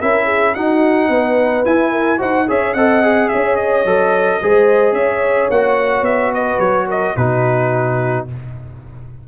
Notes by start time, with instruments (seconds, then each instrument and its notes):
0.00 tuba C#4, trombone E4, horn A#4, trumpet E5
0.25 horn G#4
0.54 trombone D#4, tuba D#4, horn F#4, trumpet F#5
1.09 tuba B3, horn B4
1.65 trombone E4, tuba E4, trumpet G#5
1.91 horn A#4
2.18 tuba D#4, trombone F#4, horn C5, trumpet F#5
2.48 tuba C#4, trombone G#4, horn C#5, trumpet E5
2.73 tuba C4, trombone A4, horn D#5, trumpet F#5
3.02 trombone G#4
3.28 tuba C#4, horn C#5, trumpet E5
3.56 trumpet D#5
3.85 tuba F#3, trombone A4
4.41 tuba G#3, trombone G#4, horn C5
4.92 tuba C#4, horn C#5, trumpet E5
5.50 tuba A#3, trombone F#4, trumpet F#5
6.01 tuba B3, trumpet E5
6.33 horn B4, trumpet D#5
6.59 tuba F#3, trumpet C#5
6.87 horn A#4, trumpet D#5
7.16 tuba B2, trombone D#4, horn F#4, trumpet B4